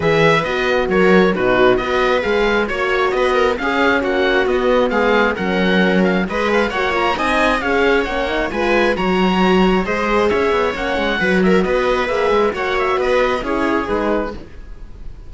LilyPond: <<
  \new Staff \with { instrumentName = "oboe" } { \time 4/4 \tempo 4 = 134 e''4 dis''4 cis''4 b'4 | dis''4 f''4 cis''4 dis''4 | f''4 fis''4 dis''4 f''4 | fis''4. f''8 dis''8 f''8 fis''8 ais''8 |
gis''4 f''4 fis''4 gis''4 | ais''2 dis''4 e''4 | fis''4. e''8 dis''4 e''4 | fis''8 e''8 dis''4 cis''4 b'4 | }
  \new Staff \with { instrumentName = "viola" } { \time 4/4 b'2 ais'4 fis'4 | b'2 cis''4 b'8 ais'8 | gis'4 fis'2 gis'4 | ais'2 b'4 cis''4 |
dis''4 cis''2 b'4 | cis''2 c''4 cis''4~ | cis''4 b'8 ais'8 b'2 | cis''4 b'4 gis'2 | }
  \new Staff \with { instrumentName = "horn" } { \time 4/4 gis'4 fis'2 dis'4 | fis'4 gis'4 fis'2 | cis'2 b2 | cis'2 gis'4 fis'8 f'8 |
dis'4 gis'4 cis'8 dis'8 f'4 | fis'2 gis'2 | cis'4 fis'2 gis'4 | fis'2 e'4 dis'4 | }
  \new Staff \with { instrumentName = "cello" } { \time 4/4 e4 b4 fis4 b,4 | b4 gis4 ais4 b4 | cis'4 ais4 b4 gis4 | fis2 gis4 ais4 |
c'4 cis'4 ais4 gis4 | fis2 gis4 cis'8 b8 | ais8 gis8 fis4 b4 ais8 gis8 | ais4 b4 cis'4 gis4 | }
>>